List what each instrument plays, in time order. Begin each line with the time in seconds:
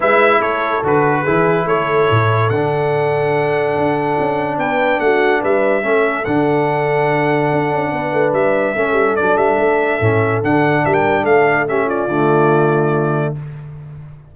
0.00 tuba G#3, trombone E4, horn B4, trumpet E5
0.39 tuba A3, horn A4, trumpet C#5
0.83 tuba D3, trombone F#4, trumpet B4
1.22 tuba E3, trombone E4, horn G#4
1.65 tuba A3, horn A4, trumpet C#5
2.10 tuba A2
2.49 tuba D3, trombone D4, trumpet F#5
3.76 tuba D4
4.19 tuba C#4
4.57 tuba B3, horn B4, trumpet G5
4.99 tuba A3, horn F#4, trumpet F#5
5.40 tuba G3, horn B4, trumpet E5
5.82 tuba A3, trombone C#4, horn A4
6.24 tuba D3, trombone D4, trumpet F#5
7.52 tuba D4
7.71 tuba C#4
7.91 tuba B3, horn B4
8.13 tuba A3
8.32 tuba G3, trumpet E5
8.75 tuba A3, trombone C#4, horn A4
8.92 tuba G3
9.16 tuba F#3, trombone D4, trumpet D5
9.36 tuba G3, trumpet E5
9.57 tuba A3
10.00 tuba A2, trombone C#4
10.42 tuba D3, trombone D4, trumpet F#5
10.84 tuba G3, horn A#4, trumpet E5
10.93 trumpet G5
11.23 tuba A3, horn A4, trumpet F5
11.67 trombone C#4, horn G4, trumpet E5
11.85 horn F4, trumpet D5
12.07 tuba D3, trombone A3